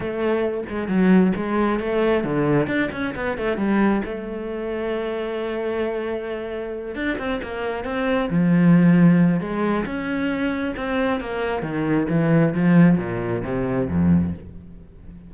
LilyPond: \new Staff \with { instrumentName = "cello" } { \time 4/4 \tempo 4 = 134 a4. gis8 fis4 gis4 | a4 d4 d'8 cis'8 b8 a8 | g4 a2.~ | a2.~ a8 d'8 |
c'8 ais4 c'4 f4.~ | f4 gis4 cis'2 | c'4 ais4 dis4 e4 | f4 ais,4 c4 f,4 | }